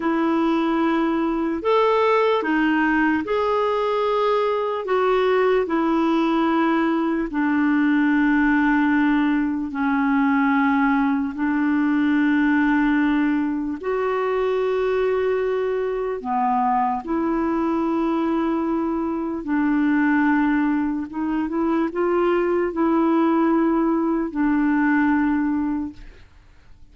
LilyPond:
\new Staff \with { instrumentName = "clarinet" } { \time 4/4 \tempo 4 = 74 e'2 a'4 dis'4 | gis'2 fis'4 e'4~ | e'4 d'2. | cis'2 d'2~ |
d'4 fis'2. | b4 e'2. | d'2 dis'8 e'8 f'4 | e'2 d'2 | }